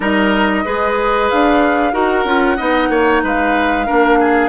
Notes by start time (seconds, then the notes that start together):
0.00 G3 D#4 A#4 D#5
0.64 G#3 G#4 B4
1.29 D4 F5
1.92 D#4 F#4 A#4 F#5
2.24 C#4 F4
2.56 B3 D#4 D#5
2.89 A#3 C#5
3.23 G#3 B4 F5
3.86 A#3 D4 A#4
4.19 G#4